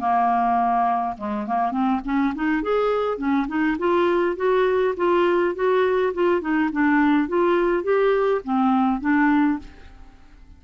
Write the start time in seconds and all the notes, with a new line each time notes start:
0.00 A#3
1.18 G#3
1.47 A#3
1.72 C4
2.05 C#4
2.35 D#4
2.63 G#4
3.18 C#4
3.48 D#4
3.79 F4
4.37 F#4
4.97 F4
5.55 F#4
6.14 F4
6.41 D#4
6.72 D4
7.28 F4
7.83 G4
8.45 C4
9.01 D4